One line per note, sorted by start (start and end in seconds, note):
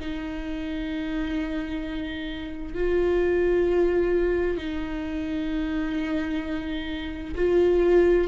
0.00 2.74 D#4
2.74 4.58 F4
4.58 7.35 D#4
7.36 8.28 F4